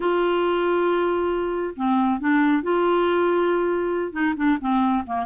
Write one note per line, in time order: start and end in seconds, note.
0.00 1.74 F4
1.76 2.20 C4
2.20 2.62 D4
2.62 4.12 F4
4.12 4.34 D#4
4.36 4.58 D4
4.60 5.04 C4
5.06 5.25 A#3